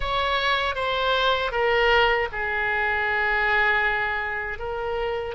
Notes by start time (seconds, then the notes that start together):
0.00 C#5
0.75 C5
1.51 A#4
2.31 G#4
4.58 A#4